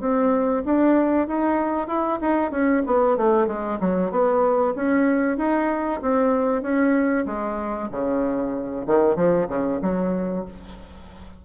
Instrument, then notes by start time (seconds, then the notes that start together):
bassoon
0.00 C4
0.65 D4
1.27 D#4
1.87 E4
2.21 D#4
2.51 C#4
2.86 B3
3.17 A3
3.47 G#3
3.80 F#3
4.11 B3
4.75 C#4
5.37 D#4
6.01 C4
6.62 C#4
7.25 G#3
7.91 C#3
8.87 D#3
9.15 F3
9.48 C#3
9.82 F#3